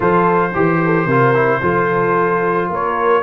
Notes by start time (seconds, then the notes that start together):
0.00 F3 F4 A4 C5
0.54 E3 G4
0.85 A4
1.05 C3 F4 A#4
1.34 E4
1.61 F3 F4 A4
2.68 A#3 A#4 C#5